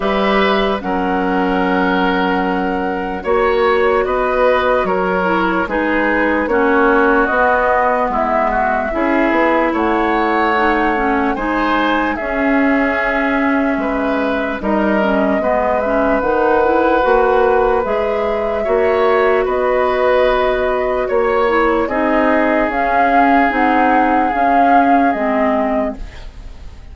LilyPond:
<<
  \new Staff \with { instrumentName = "flute" } { \time 4/4 \tempo 4 = 74 e''4 fis''2. | cis''4 dis''4 cis''4 b'4 | cis''4 dis''4 e''2 | fis''2 gis''4 e''4~ |
e''2 dis''4. e''8 | fis''2 e''2 | dis''2 cis''4 dis''4 | f''4 fis''4 f''4 dis''4 | }
  \new Staff \with { instrumentName = "oboe" } { \time 4/4 b'4 ais'2. | cis''4 b'4 ais'4 gis'4 | fis'2 e'8 fis'8 gis'4 | cis''2 c''4 gis'4~ |
gis'4 b'4 ais'4 b'4~ | b'2. cis''4 | b'2 cis''4 gis'4~ | gis'1 | }
  \new Staff \with { instrumentName = "clarinet" } { \time 4/4 g'4 cis'2. | fis'2~ fis'8 e'8 dis'4 | cis'4 b2 e'4~ | e'4 dis'8 cis'8 dis'4 cis'4~ |
cis'2 dis'8 cis'8 b8 cis'8 | dis'8 e'8 fis'4 gis'4 fis'4~ | fis'2~ fis'8 e'8 dis'4 | cis'4 dis'4 cis'4 c'4 | }
  \new Staff \with { instrumentName = "bassoon" } { \time 4/4 g4 fis2. | ais4 b4 fis4 gis4 | ais4 b4 gis4 cis'8 b8 | a2 gis4 cis'4~ |
cis'4 gis4 g4 gis4 | dis4 ais4 gis4 ais4 | b2 ais4 c'4 | cis'4 c'4 cis'4 gis4 | }
>>